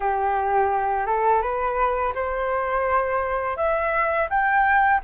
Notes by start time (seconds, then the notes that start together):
0.00 G4
1.06 A4
1.42 B4
2.14 C5
3.56 E5
4.29 G5